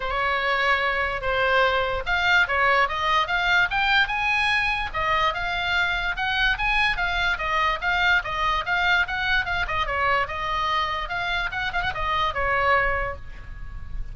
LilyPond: \new Staff \with { instrumentName = "oboe" } { \time 4/4 \tempo 4 = 146 cis''2. c''4~ | c''4 f''4 cis''4 dis''4 | f''4 g''4 gis''2 | dis''4 f''2 fis''4 |
gis''4 f''4 dis''4 f''4 | dis''4 f''4 fis''4 f''8 dis''8 | cis''4 dis''2 f''4 | fis''8 f''16 fis''16 dis''4 cis''2 | }